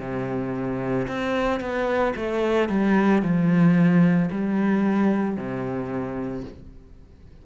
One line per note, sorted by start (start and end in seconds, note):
0.00 1.07 C3
1.08 1.60 C4
1.60 2.13 B3
2.15 2.69 A3
2.69 3.22 G3
3.22 4.30 F3
4.31 5.37 G3
5.37 6.44 C3